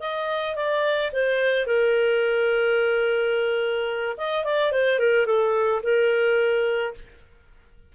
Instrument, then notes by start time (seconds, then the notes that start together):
clarinet
0.00 D#5
0.56 D5
1.13 C5
1.67 A#4
4.17 D#5
4.45 D5
4.72 C5
4.99 A#4
5.26 A4
5.83 A#4